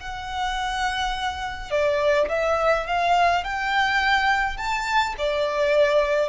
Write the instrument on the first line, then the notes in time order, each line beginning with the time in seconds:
violin
0.00 F#5
1.71 D5
2.29 E5
2.87 F5
3.44 G5
4.57 A5
5.18 D5